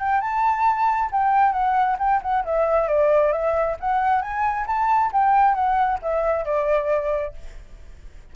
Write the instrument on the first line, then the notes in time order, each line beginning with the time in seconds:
flute
0.00 G5
0.21 A5
1.12 G5
1.53 F#5
1.99 G5
2.23 F#5
2.45 E5
2.88 D5
3.33 E5
3.81 F#5
4.22 G#5
4.67 A5
5.13 G5
5.55 F#5
6.03 E5
6.46 D5